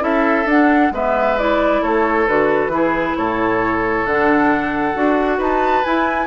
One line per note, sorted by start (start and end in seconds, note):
0.00 0.45 C#4
0.00 0.45 E4
0.00 0.93 A4
0.00 0.49 E5
0.45 0.90 D4
0.45 0.93 D4
0.45 0.94 F#5
0.91 1.81 G#3
0.91 1.38 B3
0.91 1.82 B4
0.91 1.39 E5
1.39 2.28 E4
1.39 1.83 D5
1.82 2.28 A3
1.82 2.72 A4
1.82 2.27 C#5
2.28 2.68 D3
2.28 2.72 F#4
2.28 3.17 B4
2.68 3.12 E3
2.68 4.07 E4
2.68 3.18 G#4
3.17 4.06 A2
3.17 5.38 A4
3.17 4.06 C#5
4.06 4.95 D3
4.06 4.94 D4
4.06 5.41 F#5
4.94 5.39 D4
4.94 5.84 F#4
5.38 5.84 D#4
5.38 6.27 B4
5.38 5.84 A5
5.84 6.27 E4
5.84 6.27 G#5